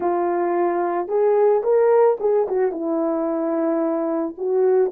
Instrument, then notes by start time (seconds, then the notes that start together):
horn
0.00 F4
1.08 G#4
1.63 A#4
2.19 G#4
2.47 F#4
2.71 E4
4.37 F#4